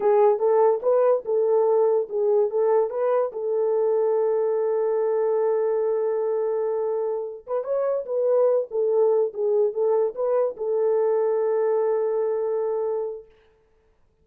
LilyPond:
\new Staff \with { instrumentName = "horn" } { \time 4/4 \tempo 4 = 145 gis'4 a'4 b'4 a'4~ | a'4 gis'4 a'4 b'4 | a'1~ | a'1~ |
a'2 b'8 cis''4 b'8~ | b'4 a'4. gis'4 a'8~ | a'8 b'4 a'2~ a'8~ | a'1 | }